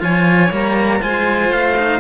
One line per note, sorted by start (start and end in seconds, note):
0.00 0.52 F3
0.00 0.50 F4
0.00 1.02 C#5
0.00 0.53 G#5
0.51 1.02 G3
0.51 1.00 A#3
0.51 1.02 A#5
1.00 1.51 G#3
1.00 1.75 F4
1.00 2.00 C5
1.00 1.52 G#5
1.51 2.00 A3
1.51 2.00 F5
1.77 2.00 D#4